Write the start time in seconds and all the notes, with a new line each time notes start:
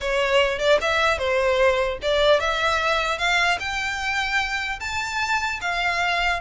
0.00 C#5
0.59 D5
0.81 E5
1.18 C5
2.02 D5
2.40 E5
3.18 F5
3.59 G5
4.80 A5
5.61 F5